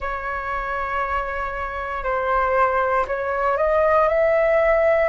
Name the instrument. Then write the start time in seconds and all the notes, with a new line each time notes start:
flute
0.00 C#5
2.03 C5
3.07 C#5
3.57 D#5
4.08 E5